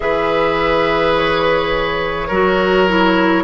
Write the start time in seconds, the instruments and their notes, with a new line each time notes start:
0.00 bassoon E3, clarinet G#4, oboe B4, flute E5
1.16 flute C#5
2.27 bassoon F#3, clarinet F#4, oboe A#4
2.87 clarinet E4